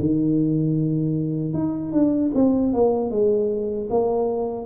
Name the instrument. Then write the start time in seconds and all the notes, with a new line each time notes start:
tuba
0.00 D#3
1.54 D#4
1.92 D4
2.34 C4
2.73 A#3
3.11 G#3
3.90 A#3